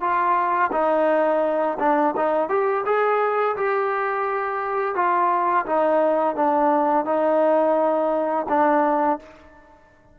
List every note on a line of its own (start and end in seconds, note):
0.00 0.71 F4
0.72 1.78 D#4
1.79 2.14 D4
2.16 2.49 D#4
2.49 2.84 G4
2.85 3.56 G#4
3.56 4.95 G4
4.95 5.65 F4
5.66 6.35 D#4
6.35 7.05 D4
7.05 8.46 D#4
8.48 9.19 D4